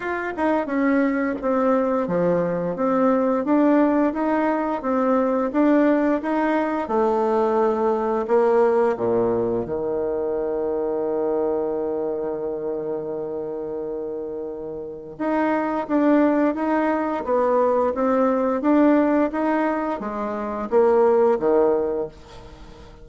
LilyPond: \new Staff \with { instrumentName = "bassoon" } { \time 4/4 \tempo 4 = 87 f'8 dis'8 cis'4 c'4 f4 | c'4 d'4 dis'4 c'4 | d'4 dis'4 a2 | ais4 ais,4 dis2~ |
dis1~ | dis2 dis'4 d'4 | dis'4 b4 c'4 d'4 | dis'4 gis4 ais4 dis4 | }